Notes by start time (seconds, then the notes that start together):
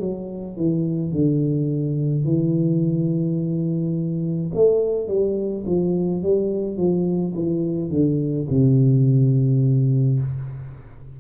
0.00 F#3
0.57 E3
1.12 D3
2.25 E3
4.54 A3
5.08 G3
5.67 F3
6.23 G3
6.77 F3
7.35 E3
7.90 D3
8.50 C3